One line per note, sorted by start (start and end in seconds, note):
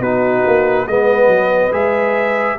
0.00 0.43 B3
0.00 0.87 D#4
0.00 0.86 F#4
0.00 0.87 B4
0.46 0.87 A#3
0.87 1.27 G#3
0.87 1.72 B3
0.87 2.59 B4
0.87 1.73 D#5
1.27 1.70 F#3
1.72 2.58 G#3
1.72 2.57 G#4
1.72 2.59 E5